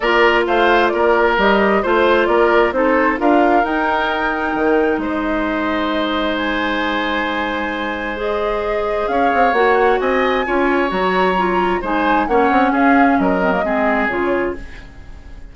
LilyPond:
<<
  \new Staff \with { instrumentName = "flute" } { \time 4/4 \tempo 4 = 132 d''4 f''4 d''4 dis''4 | c''4 d''4 c''4 f''4 | g''2. dis''4~ | dis''2 gis''2~ |
gis''2 dis''2 | f''4 fis''4 gis''2 | ais''2 gis''4 fis''4 | f''4 dis''2 cis''4 | }
  \new Staff \with { instrumentName = "oboe" } { \time 4/4 ais'4 c''4 ais'2 | c''4 ais'4 a'4 ais'4~ | ais'2. c''4~ | c''1~ |
c''1 | cis''2 dis''4 cis''4~ | cis''2 c''4 cis''4 | gis'4 ais'4 gis'2 | }
  \new Staff \with { instrumentName = "clarinet" } { \time 4/4 f'2. g'4 | f'2 dis'4 f'4 | dis'1~ | dis'1~ |
dis'2 gis'2~ | gis'4 fis'2 f'4 | fis'4 f'4 dis'4 cis'4~ | cis'4. c'16 ais16 c'4 f'4 | }
  \new Staff \with { instrumentName = "bassoon" } { \time 4/4 ais4 a4 ais4 g4 | a4 ais4 c'4 d'4 | dis'2 dis4 gis4~ | gis1~ |
gis1 | cis'8 c'8 ais4 c'4 cis'4 | fis2 gis4 ais8 c'8 | cis'4 fis4 gis4 cis4 | }
>>